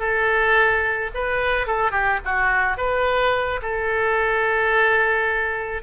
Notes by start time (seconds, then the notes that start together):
0.00 A4
1.15 B4
1.67 A4
1.92 G4
2.25 F#4
2.78 B4
3.63 A4